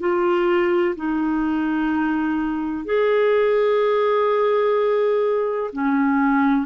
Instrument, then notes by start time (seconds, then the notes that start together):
clarinet
0.00 F4
0.96 D#4
2.85 G#4
5.72 C#4